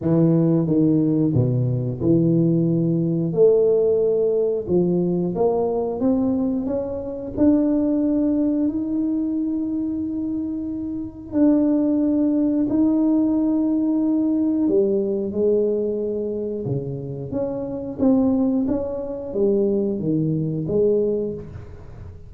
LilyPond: \new Staff \with { instrumentName = "tuba" } { \time 4/4 \tempo 4 = 90 e4 dis4 b,4 e4~ | e4 a2 f4 | ais4 c'4 cis'4 d'4~ | d'4 dis'2.~ |
dis'4 d'2 dis'4~ | dis'2 g4 gis4~ | gis4 cis4 cis'4 c'4 | cis'4 g4 dis4 gis4 | }